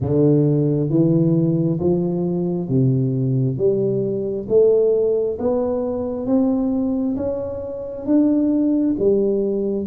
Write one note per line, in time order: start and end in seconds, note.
0.00 0.89 D3
0.89 1.79 E3
1.80 2.68 F3
2.68 3.57 C3
3.57 4.46 G3
4.48 5.37 A3
5.39 6.26 B3
6.26 7.16 C4
7.16 8.06 C#4
8.06 8.96 D4
8.98 9.86 G3